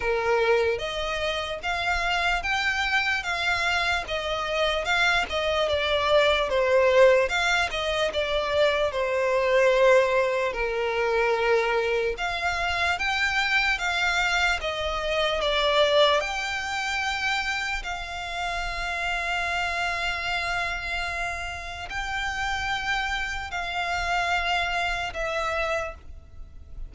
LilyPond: \new Staff \with { instrumentName = "violin" } { \time 4/4 \tempo 4 = 74 ais'4 dis''4 f''4 g''4 | f''4 dis''4 f''8 dis''8 d''4 | c''4 f''8 dis''8 d''4 c''4~ | c''4 ais'2 f''4 |
g''4 f''4 dis''4 d''4 | g''2 f''2~ | f''2. g''4~ | g''4 f''2 e''4 | }